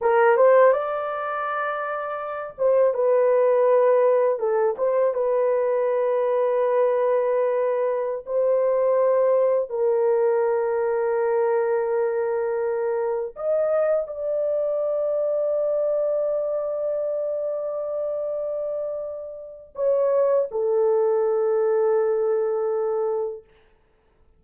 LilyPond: \new Staff \with { instrumentName = "horn" } { \time 4/4 \tempo 4 = 82 ais'8 c''8 d''2~ d''8 c''8 | b'2 a'8 c''8 b'4~ | b'2.~ b'16 c''8.~ | c''4~ c''16 ais'2~ ais'8.~ |
ais'2~ ais'16 dis''4 d''8.~ | d''1~ | d''2. cis''4 | a'1 | }